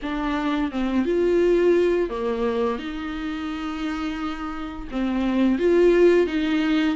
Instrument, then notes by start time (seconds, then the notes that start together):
viola
0.02 D4
0.71 C4
1.05 F4
2.09 A#3
2.78 D#4
4.91 C4
5.58 F4
6.26 D#4